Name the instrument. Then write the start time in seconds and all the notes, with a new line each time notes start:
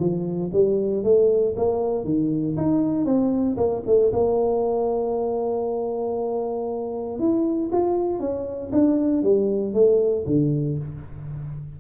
tuba
0.00 F3
0.53 G3
1.04 A3
1.57 A#3
2.05 D#3
2.57 D#4
3.06 C4
3.57 A#3
3.87 A3
4.13 A#3
7.20 E4
7.73 F4
8.20 C#4
8.72 D4
9.23 G3
9.74 A3
10.27 D3